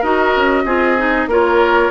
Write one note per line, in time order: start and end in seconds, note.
0.00 0.34 D#4
0.00 0.67 F#4
0.00 0.63 A#4
0.00 1.30 D#5
0.36 0.65 C#4
0.65 1.27 C4
0.65 0.98 F4
0.65 1.29 G#4
0.98 1.29 D#4
1.27 1.90 A#3
1.27 1.91 F4
1.27 1.91 A#4
1.27 1.91 C#5